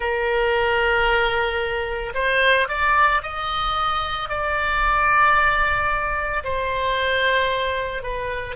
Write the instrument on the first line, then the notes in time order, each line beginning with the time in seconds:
oboe
0.00 A#4
2.14 C5
2.68 D5
3.22 D#5
4.29 D5
6.44 C5
8.03 B4